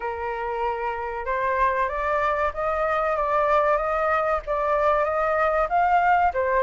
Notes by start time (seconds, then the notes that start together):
0.00 A#4
1.25 C5
1.88 D5
2.53 D#5
3.16 D5
3.77 D#5
4.46 D5
5.04 D#5
5.69 F5
6.33 C5